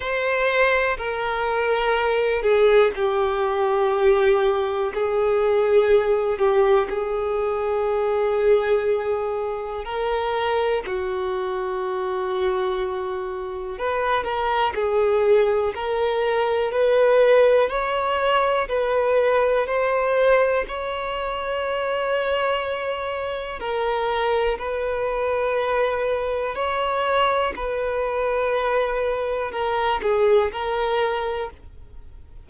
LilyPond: \new Staff \with { instrumentName = "violin" } { \time 4/4 \tempo 4 = 61 c''4 ais'4. gis'8 g'4~ | g'4 gis'4. g'8 gis'4~ | gis'2 ais'4 fis'4~ | fis'2 b'8 ais'8 gis'4 |
ais'4 b'4 cis''4 b'4 | c''4 cis''2. | ais'4 b'2 cis''4 | b'2 ais'8 gis'8 ais'4 | }